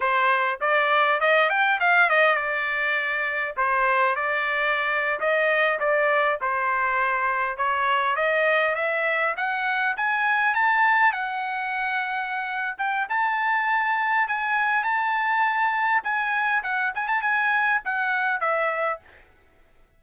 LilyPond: \new Staff \with { instrumentName = "trumpet" } { \time 4/4 \tempo 4 = 101 c''4 d''4 dis''8 g''8 f''8 dis''8 | d''2 c''4 d''4~ | d''8. dis''4 d''4 c''4~ c''16~ | c''8. cis''4 dis''4 e''4 fis''16~ |
fis''8. gis''4 a''4 fis''4~ fis''16~ | fis''4. g''8 a''2 | gis''4 a''2 gis''4 | fis''8 gis''16 a''16 gis''4 fis''4 e''4 | }